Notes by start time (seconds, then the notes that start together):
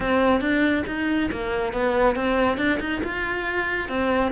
0.00 C4
0.40 D4
0.86 D#4
1.31 A#3
1.72 B3
2.15 C4
2.57 D4
2.80 D#4
3.03 F4
3.88 C4